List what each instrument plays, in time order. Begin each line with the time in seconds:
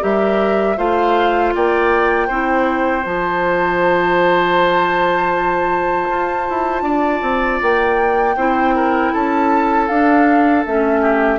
0.00 bassoon G3, clarinet G4, oboe A#4, flute E5
0.77 bassoon A3, clarinet F4, oboe C5, flute F5
1.55 bassoon A#3, oboe D5, flute G5
2.27 bassoon C4, clarinet E4, oboe C5
3.02 bassoon F3, clarinet F4, flute A5
6.10 bassoon F4
6.50 bassoon E4
6.82 bassoon D4, oboe D5
7.22 bassoon C4
7.62 bassoon A#3, flute G5
8.36 bassoon C4, clarinet E4, oboe C5
8.75 oboe A#4
9.13 bassoon C#4, oboe A4, flute A5
9.88 bassoon D4, clarinet D4, flute F5
10.66 bassoon A3, clarinet C#4, flute E5
11.01 oboe G4